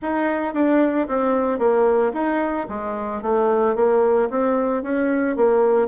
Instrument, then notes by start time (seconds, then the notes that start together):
bassoon
0.01 D#4
0.54 D4
1.07 C4
1.58 A#3
2.13 D#4
2.68 G#3
3.22 A3
3.75 A#3
4.30 C4
4.82 C#4
5.36 A#3